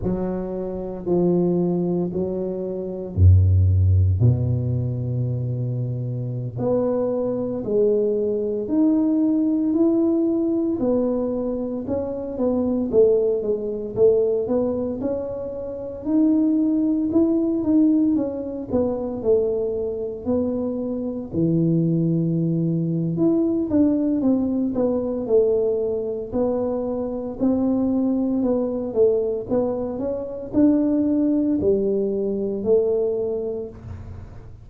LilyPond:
\new Staff \with { instrumentName = "tuba" } { \time 4/4 \tempo 4 = 57 fis4 f4 fis4 fis,4 | b,2~ b,16 b4 gis8.~ | gis16 dis'4 e'4 b4 cis'8 b16~ | b16 a8 gis8 a8 b8 cis'4 dis'8.~ |
dis'16 e'8 dis'8 cis'8 b8 a4 b8.~ | b16 e4.~ e16 e'8 d'8 c'8 b8 | a4 b4 c'4 b8 a8 | b8 cis'8 d'4 g4 a4 | }